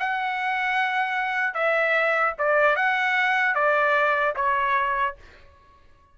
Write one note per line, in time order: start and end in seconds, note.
0.00 1.55 F#5
1.55 2.35 E5
2.39 2.76 D5
2.76 3.55 F#5
3.55 4.35 D5
4.36 5.16 C#5